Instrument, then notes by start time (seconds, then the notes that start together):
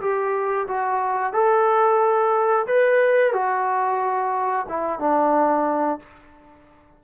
trombone
0.00 G4
0.67 F#4
1.32 A4
2.66 B4
3.32 F#4
4.68 E4
4.99 D4